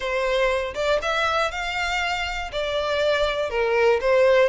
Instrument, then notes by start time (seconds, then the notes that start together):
violin
0.00 C5
0.74 D5
1.02 E5
1.51 F5
2.52 D5
3.50 A#4
4.00 C5